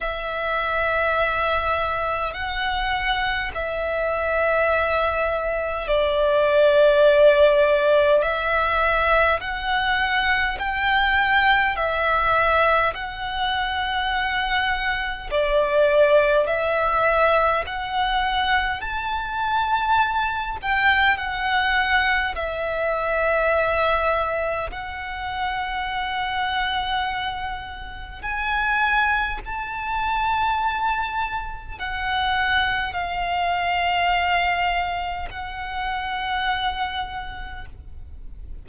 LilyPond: \new Staff \with { instrumentName = "violin" } { \time 4/4 \tempo 4 = 51 e''2 fis''4 e''4~ | e''4 d''2 e''4 | fis''4 g''4 e''4 fis''4~ | fis''4 d''4 e''4 fis''4 |
a''4. g''8 fis''4 e''4~ | e''4 fis''2. | gis''4 a''2 fis''4 | f''2 fis''2 | }